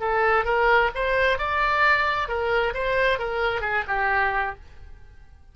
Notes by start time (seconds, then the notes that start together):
0.00 A4
0.45 A#4
0.95 C5
1.38 D5
2.28 A#4
2.74 C5
3.19 A#4
3.61 G#4
3.87 G4